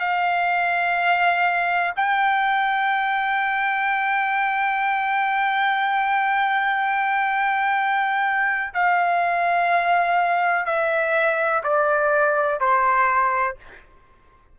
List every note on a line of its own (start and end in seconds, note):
0.00 1.94 F5
1.96 8.74 G5
8.74 10.66 F5
10.66 11.63 E5
11.63 12.60 D5
12.60 13.57 C5